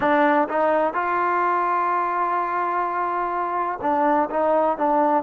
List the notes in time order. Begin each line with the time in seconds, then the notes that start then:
0.00 D4
0.48 D#4
0.93 F4
3.81 D4
4.30 D#4
4.77 D4